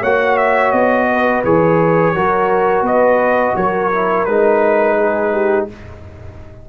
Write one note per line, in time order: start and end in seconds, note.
0.00 0.72 A#3
0.00 1.44 F#4
0.00 1.06 C#5
0.00 0.37 F#5
0.37 0.72 E5
0.72 1.43 B3
0.72 1.42 D#5
1.12 2.15 B4
1.44 2.15 E3
1.44 2.15 G#4
1.44 2.86 C#5
2.15 2.82 F#3
2.15 3.91 F#4
2.15 2.84 A#4
2.82 3.52 B3
2.82 3.55 B4
2.82 3.56 D#5
3.56 4.27 F#3
3.56 4.97 A#4
3.56 4.25 C#5
3.92 4.27 E4
4.25 5.68 G#3
4.25 5.69 D#4
4.25 5.66 B4
4.97 5.33 G#4
5.33 5.68 G4